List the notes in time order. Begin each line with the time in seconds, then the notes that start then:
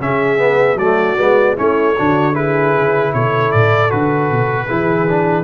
0.00 C#3 C#4 G#4 E5
0.38 B3
0.75 F#3 A3 F#4 D5
1.17 G#3 B3
1.56 A3 C#4 E4 C#5
1.97 D3 D4 F#4
2.34 E4 G#4 B4
2.76 C#3
3.13 B2 A4 C#5
3.51 A2 D5
3.89 D3 F#4 B4
4.31 B2
4.66 E3 E4 G#4
5.08 D4